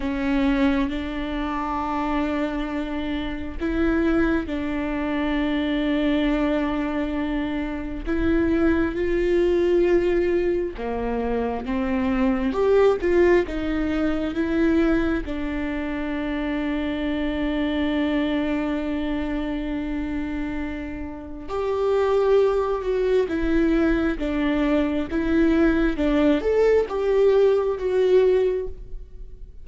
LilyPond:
\new Staff \with { instrumentName = "viola" } { \time 4/4 \tempo 4 = 67 cis'4 d'2. | e'4 d'2.~ | d'4 e'4 f'2 | ais4 c'4 g'8 f'8 dis'4 |
e'4 d'2.~ | d'1 | g'4. fis'8 e'4 d'4 | e'4 d'8 a'8 g'4 fis'4 | }